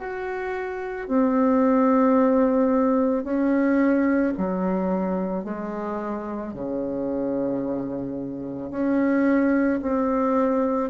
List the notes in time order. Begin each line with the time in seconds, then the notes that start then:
0.00 F#4
1.08 C4
3.24 C#4
4.37 F#3
5.44 G#3
6.54 C#3
8.71 C#4
9.82 C4